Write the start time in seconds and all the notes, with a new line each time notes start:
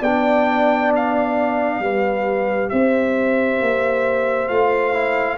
0.00 B3 D4 D5 G5
0.96 F5
1.80 G3 G4 B4
2.70 C4 C5 E5
3.61 A#3
4.49 A3 F4 F5
4.94 E4